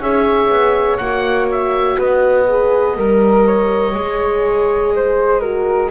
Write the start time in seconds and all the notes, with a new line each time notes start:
0.00 C#4 G#4 C#5 E5
0.50 B3
0.98 A#3 F#4 F#5
1.52 E5
1.98 B3 B4 D#5
2.48 G#4
2.96 G3 A#4
3.47 C#5
3.95 G#3 G#4
4.96 C5
5.41 F#4 A#4